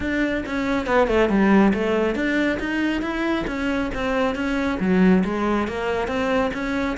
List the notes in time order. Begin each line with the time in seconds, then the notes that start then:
0.00 D4
0.46 C#4
0.86 B3
1.07 A3
1.29 G3
1.73 A3
2.15 D4
2.59 D#4
3.01 E4
3.47 C#4
3.94 C4
4.35 C#4
4.80 F#3
5.24 G#3
5.67 A#3
6.07 C4
6.53 C#4